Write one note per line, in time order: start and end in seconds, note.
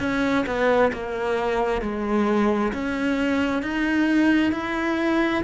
0.00 0.45 C#4
0.47 0.92 B3
0.93 1.82 A#3
1.82 2.73 G#3
2.74 3.63 C#4
3.63 4.52 D#4
4.52 5.43 E4